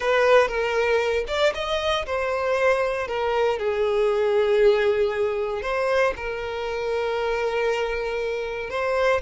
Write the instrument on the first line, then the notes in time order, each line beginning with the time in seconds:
violin
0.00 B4
0.48 A#4
1.27 D5
1.54 D#5
2.06 C5
3.07 A#4
3.59 G#4
5.62 C5
6.16 A#4
8.69 C5